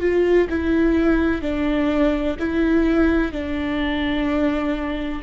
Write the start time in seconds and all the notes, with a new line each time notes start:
0.00 F4
0.50 E4
1.42 D4
2.39 E4
3.32 D4